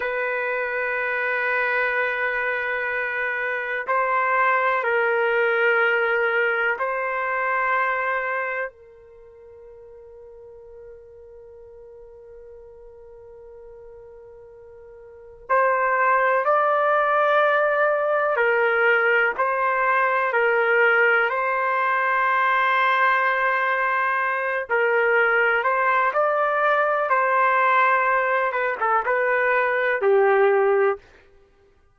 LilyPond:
\new Staff \with { instrumentName = "trumpet" } { \time 4/4 \tempo 4 = 62 b'1 | c''4 ais'2 c''4~ | c''4 ais'2.~ | ais'1 |
c''4 d''2 ais'4 | c''4 ais'4 c''2~ | c''4. ais'4 c''8 d''4 | c''4. b'16 a'16 b'4 g'4 | }